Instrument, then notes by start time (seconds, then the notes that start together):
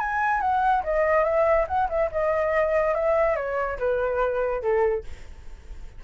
flute
0.00 G#5
0.41 F#5
0.84 D#5
1.24 E5
1.68 F#5
1.90 E5
2.12 D#5
2.95 E5
3.36 C#5
3.79 B4
4.62 A4